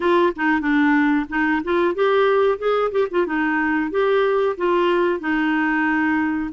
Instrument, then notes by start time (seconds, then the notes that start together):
clarinet
0.00 F4
0.36 D#4
0.60 D4
1.29 D#4
1.64 F4
1.94 G4
2.58 G#4
2.91 G4
3.10 F4
3.26 D#4
3.90 G4
4.57 F4
5.19 D#4